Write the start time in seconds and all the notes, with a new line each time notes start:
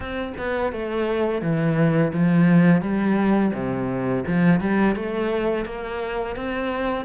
0.00 C4
0.37 B3
0.72 A3
1.41 E3
2.13 F3
2.81 G3
3.53 C3
4.27 F3
4.60 G3
4.95 A3
5.65 A#3
6.35 C4